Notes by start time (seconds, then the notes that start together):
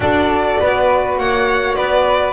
0.00 D4 F#4 A4 D5
0.60 B3 B4
1.18 A#3 C#5 F#5
1.75 B3 B4 D5